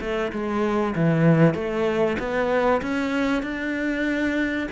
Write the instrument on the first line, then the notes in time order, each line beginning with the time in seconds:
cello
0.00 A3
0.32 G#3
0.95 E3
1.54 A3
2.18 B3
2.81 C#4
3.42 D4